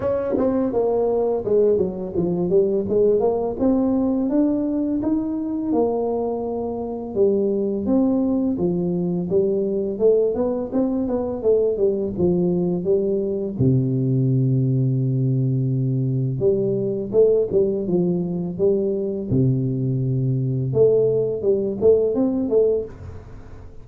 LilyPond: \new Staff \with { instrumentName = "tuba" } { \time 4/4 \tempo 4 = 84 cis'8 c'8 ais4 gis8 fis8 f8 g8 | gis8 ais8 c'4 d'4 dis'4 | ais2 g4 c'4 | f4 g4 a8 b8 c'8 b8 |
a8 g8 f4 g4 c4~ | c2. g4 | a8 g8 f4 g4 c4~ | c4 a4 g8 a8 c'8 a8 | }